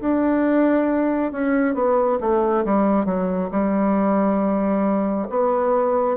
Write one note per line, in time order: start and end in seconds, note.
0.00 1.32 D4
1.32 1.74 C#4
1.74 2.18 B3
2.20 2.64 A3
2.64 3.05 G3
3.05 3.49 F#3
3.51 5.27 G3
5.29 6.17 B3